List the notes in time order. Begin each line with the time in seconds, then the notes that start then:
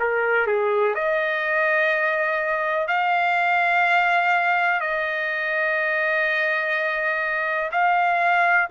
0.00 A#4
0.48 G#4
0.95 D#5
2.88 F5
4.81 D#5
7.72 F5